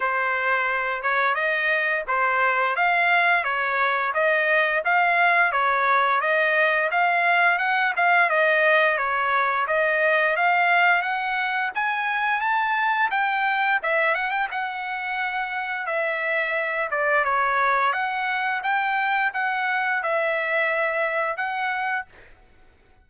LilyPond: \new Staff \with { instrumentName = "trumpet" } { \time 4/4 \tempo 4 = 87 c''4. cis''8 dis''4 c''4 | f''4 cis''4 dis''4 f''4 | cis''4 dis''4 f''4 fis''8 f''8 | dis''4 cis''4 dis''4 f''4 |
fis''4 gis''4 a''4 g''4 | e''8 fis''16 g''16 fis''2 e''4~ | e''8 d''8 cis''4 fis''4 g''4 | fis''4 e''2 fis''4 | }